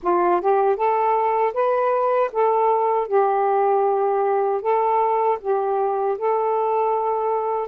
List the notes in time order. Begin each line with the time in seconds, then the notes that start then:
0.02 F4
0.41 G4
0.76 A4
1.53 B4
2.32 A4
3.07 G4
4.61 A4
5.40 G4
6.17 A4